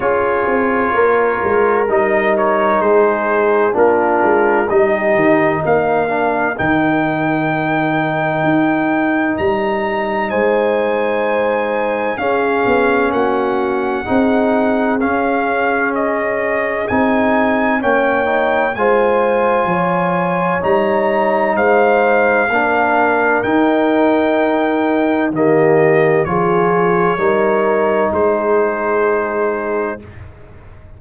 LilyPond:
<<
  \new Staff \with { instrumentName = "trumpet" } { \time 4/4 \tempo 4 = 64 cis''2 dis''8 cis''8 c''4 | ais'4 dis''4 f''4 g''4~ | g''2 ais''4 gis''4~ | gis''4 f''4 fis''2 |
f''4 dis''4 gis''4 g''4 | gis''2 ais''4 f''4~ | f''4 g''2 dis''4 | cis''2 c''2 | }
  \new Staff \with { instrumentName = "horn" } { \time 4/4 gis'4 ais'2 gis'4 | f'4 g'4 ais'2~ | ais'2. c''4~ | c''4 gis'4 fis'4 gis'4~ |
gis'2. cis''4 | c''4 cis''2 c''4 | ais'2. g'4 | gis'4 ais'4 gis'2 | }
  \new Staff \with { instrumentName = "trombone" } { \time 4/4 f'2 dis'2 | d'4 dis'4. d'8 dis'4~ | dis'1~ | dis'4 cis'2 dis'4 |
cis'2 dis'4 cis'8 dis'8 | f'2 dis'2 | d'4 dis'2 ais4 | f'4 dis'2. | }
  \new Staff \with { instrumentName = "tuba" } { \time 4/4 cis'8 c'8 ais8 gis8 g4 gis4 | ais8 gis8 g8 dis8 ais4 dis4~ | dis4 dis'4 g4 gis4~ | gis4 cis'8 b8 ais4 c'4 |
cis'2 c'4 ais4 | gis4 f4 g4 gis4 | ais4 dis'2 dis4 | f4 g4 gis2 | }
>>